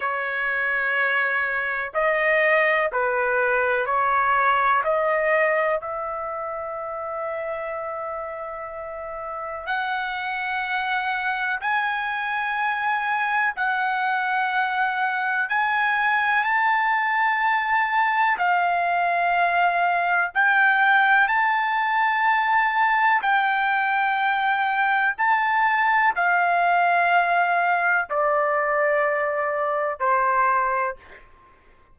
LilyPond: \new Staff \with { instrumentName = "trumpet" } { \time 4/4 \tempo 4 = 62 cis''2 dis''4 b'4 | cis''4 dis''4 e''2~ | e''2 fis''2 | gis''2 fis''2 |
gis''4 a''2 f''4~ | f''4 g''4 a''2 | g''2 a''4 f''4~ | f''4 d''2 c''4 | }